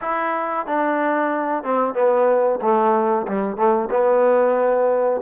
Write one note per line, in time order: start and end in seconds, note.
0.01 0.66 E4
0.66 1.63 D4
1.63 1.94 C4
1.94 2.59 B3
2.61 3.26 A3
3.27 3.56 G3
3.56 3.89 A3
3.90 5.21 B3